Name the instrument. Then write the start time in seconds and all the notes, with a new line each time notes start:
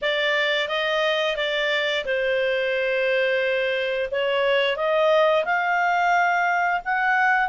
clarinet
0.01 D5
0.68 D#5
1.36 D5
2.05 C5
4.11 C#5
4.76 D#5
5.45 F5
6.84 F#5